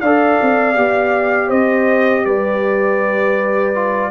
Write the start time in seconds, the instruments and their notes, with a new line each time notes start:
0.00 tuba D4, trombone A4, horn D5, trumpet F5
0.42 tuba C4
0.75 tuba B3, trombone G4
1.47 tuba C4, horn C5, trumpet D#5
2.25 tuba G3, horn B4, trumpet D5
3.75 trombone F4